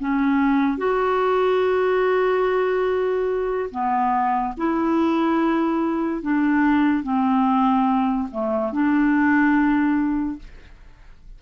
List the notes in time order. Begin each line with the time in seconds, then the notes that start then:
0.00 C#4
0.78 F#4
3.71 B3
4.58 E4
6.22 D4
7.04 C4
8.31 A3
8.73 D4